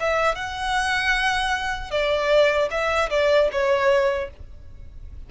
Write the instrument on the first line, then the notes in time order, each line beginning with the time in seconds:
violin
0.00 E5
0.35 F#5
1.91 D5
2.71 E5
3.10 D5
3.52 C#5